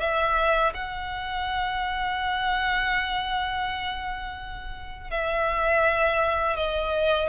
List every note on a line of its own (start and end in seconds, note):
0.00 0.73 E5
0.74 5.10 F#5
5.10 6.56 E5
6.56 7.29 D#5